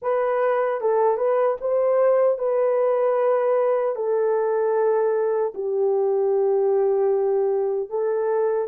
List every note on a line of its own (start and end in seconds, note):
0.01 0.80 B4
0.80 1.17 A4
1.17 1.56 B4
1.60 2.38 C5
2.38 3.95 B4
3.95 5.53 A4
5.54 7.89 G4
7.89 8.68 A4